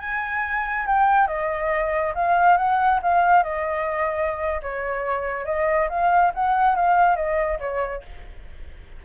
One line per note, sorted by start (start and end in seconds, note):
0.00 0.86 G#5
0.87 1.28 G5
1.28 2.14 D#5
2.15 2.58 F5
2.58 3.01 F#5
3.03 3.43 F5
3.43 4.61 D#5
4.62 5.46 C#5
5.46 5.89 D#5
5.90 6.33 F5
6.35 6.76 F#5
6.76 7.16 F5
7.16 7.59 D#5
7.60 8.03 C#5